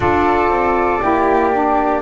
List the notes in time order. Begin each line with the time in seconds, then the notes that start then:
0.00 D4 F4 A4 D5
0.48 C4
1.01 A#3 E4 G4
1.52 D4